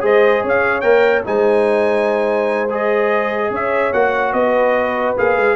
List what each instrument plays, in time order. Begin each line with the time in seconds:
0.00 tuba G#3, trombone G#4, horn C5, trumpet D#5
0.42 tuba C#4, horn C#5, trumpet F5
0.81 tuba A#3, trombone A#4, trumpet G5
1.24 tuba G#3, trombone D#4, horn C5, trumpet G#5
2.70 trombone G#4, trumpet D#5
3.50 tuba C#4, horn C#5, trumpet E5
3.93 tuba A#3, trombone F#4, trumpet F#5
4.33 tuba B3, horn B4, trumpet D#5
5.17 tuba A#3, trombone G#4, trumpet F5
5.37 tuba G#3